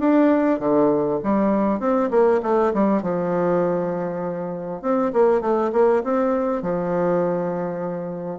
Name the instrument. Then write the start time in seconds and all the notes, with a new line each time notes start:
bassoon
0.00 D4
0.60 D3
1.24 G3
1.80 C4
2.11 A#3
2.43 A3
2.74 G3
3.03 F3
4.82 C4
5.13 A#3
5.41 A3
5.73 A#3
6.04 C4
6.63 F3